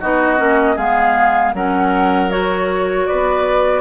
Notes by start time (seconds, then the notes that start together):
0.00 B3 D#4 F#4 D#5
0.37 A#3 C#4
0.75 G#3 B3 G#4 F5
1.53 F#3 C#4 A#4 F#5
2.30 F#4 C#5
3.06 B3 B4 D5